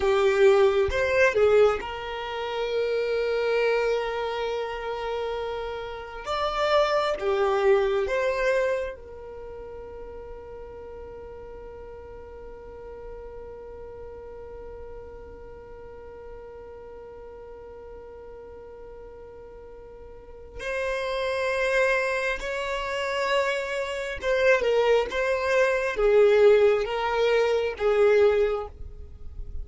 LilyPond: \new Staff \with { instrumentName = "violin" } { \time 4/4 \tempo 4 = 67 g'4 c''8 gis'8 ais'2~ | ais'2. d''4 | g'4 c''4 ais'2~ | ais'1~ |
ais'1~ | ais'2. c''4~ | c''4 cis''2 c''8 ais'8 | c''4 gis'4 ais'4 gis'4 | }